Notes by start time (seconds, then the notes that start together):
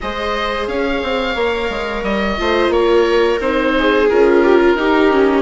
0.01 G#3 G#4 C5 D#5
0.67 C#4 C#5 F5
1.02 C4
1.35 A#3 A#4
1.69 G#3
2.03 G3 D#5
2.37 A3 F4 C5
2.68 A#3 A#4 C#5
3.40 C4 D#4 C5
3.78 G#4
4.09 C#4 F4 A#4
4.43 G4
4.60 F4
4.74 D#4 G4
5.11 C#4